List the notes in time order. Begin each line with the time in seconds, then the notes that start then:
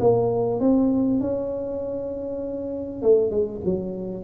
0.00 A#3
0.60 C4
1.20 C#4
3.02 A3
3.31 G#3
3.64 F#3